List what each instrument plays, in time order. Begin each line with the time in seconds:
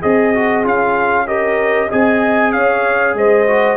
0.00 tuba C4, horn G#4, trombone G#4, trumpet D#5
0.34 trombone F#4
0.64 tuba C#4, trombone F4, trumpet F5
1.26 trombone G4, horn A#4, trumpet D#5
1.89 tuba C4, trombone G#4, horn D#5, trumpet G#5
2.52 tuba C#4, horn C#5, trumpet F5
3.14 tuba G#3, horn C5, trumpet D#5
3.47 trombone F#4